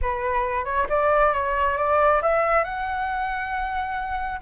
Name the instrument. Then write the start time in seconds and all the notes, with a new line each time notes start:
flute
0.01 B4
0.64 C#5
0.89 D5
1.33 C#5
1.77 D5
2.22 E5
2.64 F#5